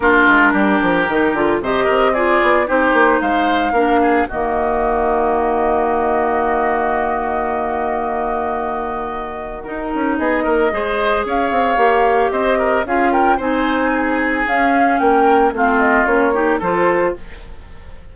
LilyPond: <<
  \new Staff \with { instrumentName = "flute" } { \time 4/4 \tempo 4 = 112 ais'2. dis''4 | d''4 c''4 f''2 | dis''1~ | dis''1~ |
dis''2 ais'4 dis''4~ | dis''4 f''2 dis''4 | f''8 g''8 gis''2 f''4 | g''4 f''8 dis''8 cis''4 c''4 | }
  \new Staff \with { instrumentName = "oboe" } { \time 4/4 f'4 g'2 c''8 ais'8 | gis'4 g'4 c''4 ais'8 gis'8 | fis'1~ | fis'1~ |
fis'2. gis'8 ais'8 | c''4 cis''2 c''8 ais'8 | gis'8 ais'8 c''4 gis'2 | ais'4 f'4. g'8 a'4 | }
  \new Staff \with { instrumentName = "clarinet" } { \time 4/4 d'2 dis'8 f'8 g'4 | f'4 dis'2 d'4 | ais1~ | ais1~ |
ais2 dis'2 | gis'2 g'2 | f'4 dis'2 cis'4~ | cis'4 c'4 cis'8 dis'8 f'4 | }
  \new Staff \with { instrumentName = "bassoon" } { \time 4/4 ais8 gis8 g8 f8 dis8 d8 c8 c'8~ | c'8 b8 c'8 ais8 gis4 ais4 | dis1~ | dis1~ |
dis2 dis'8 cis'8 b8 ais8 | gis4 cis'8 c'8 ais4 c'4 | cis'4 c'2 cis'4 | ais4 a4 ais4 f4 | }
>>